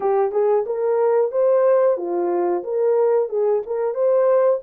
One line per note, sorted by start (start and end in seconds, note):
0.00 0.31 G4
0.31 0.64 G#4
0.66 1.31 A#4
1.31 1.97 C5
1.97 2.63 F4
2.63 3.29 A#4
3.29 3.62 G#4
3.66 3.94 A#4
3.94 4.60 C5